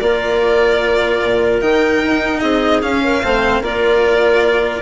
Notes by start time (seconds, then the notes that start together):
0.00 A#3 F4 A#4 D5
1.23 A#2
1.61 D#3 D#4 G5
2.03 D#4
2.40 C4 G#4 D#5
2.82 C#4 F5
3.04 A#4
3.24 A3 C4 C5
3.62 A#3 F4 A#4 D5